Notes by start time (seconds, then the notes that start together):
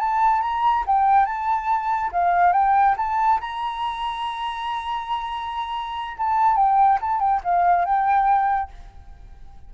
0.00 A5
0.42 A#5
0.87 G5
1.26 A5
2.13 F5
2.53 G5
2.98 A5
3.41 A#5
6.18 A5
6.57 G5
7.01 A5
7.20 G5
7.44 F5
7.86 G5